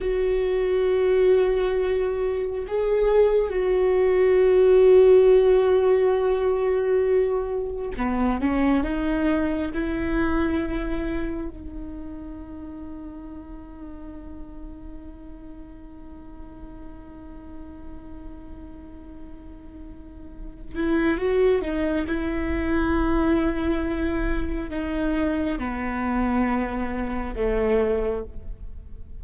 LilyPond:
\new Staff \with { instrumentName = "viola" } { \time 4/4 \tempo 4 = 68 fis'2. gis'4 | fis'1~ | fis'4 b8 cis'8 dis'4 e'4~ | e'4 dis'2.~ |
dis'1~ | dis'2.~ dis'8 e'8 | fis'8 dis'8 e'2. | dis'4 b2 a4 | }